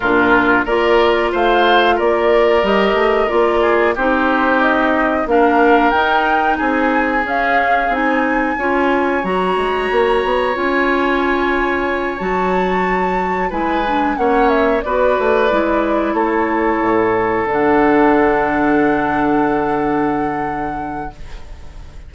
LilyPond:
<<
  \new Staff \with { instrumentName = "flute" } { \time 4/4 \tempo 4 = 91 ais'4 d''4 f''4 d''4 | dis''4 d''4 c''4 dis''4 | f''4 g''4 gis''4 f''4 | gis''2 ais''2 |
gis''2~ gis''8 a''4.~ | a''8 gis''4 fis''8 e''8 d''4.~ | d''8 cis''2 fis''4.~ | fis''1 | }
  \new Staff \with { instrumentName = "oboe" } { \time 4/4 f'4 ais'4 c''4 ais'4~ | ais'4. gis'8 g'2 | ais'2 gis'2~ | gis'4 cis''2.~ |
cis''1~ | cis''8 b'4 cis''4 b'4.~ | b'8 a'2.~ a'8~ | a'1 | }
  \new Staff \with { instrumentName = "clarinet" } { \time 4/4 d'4 f'2. | g'4 f'4 dis'2 | d'4 dis'2 cis'4 | dis'4 f'4 fis'2 |
f'2~ f'8 fis'4.~ | fis'8 e'8 d'8 cis'4 fis'4 e'8~ | e'2~ e'8 d'4.~ | d'1 | }
  \new Staff \with { instrumentName = "bassoon" } { \time 4/4 ais,4 ais4 a4 ais4 | g8 a8 ais4 c'2 | ais4 dis'4 c'4 cis'4 | c'4 cis'4 fis8 gis8 ais8 b8 |
cis'2~ cis'8 fis4.~ | fis8 gis4 ais4 b8 a8 gis8~ | gis8 a4 a,4 d4.~ | d1 | }
>>